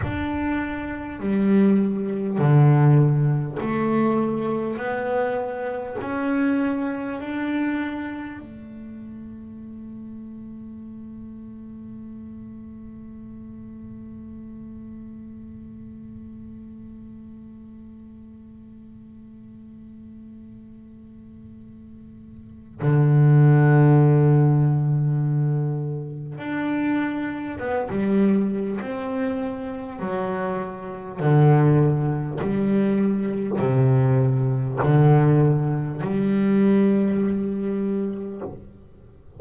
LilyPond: \new Staff \with { instrumentName = "double bass" } { \time 4/4 \tempo 4 = 50 d'4 g4 d4 a4 | b4 cis'4 d'4 a4~ | a1~ | a1~ |
a2. d4~ | d2 d'4 b16 g8. | c'4 fis4 d4 g4 | c4 d4 g2 | }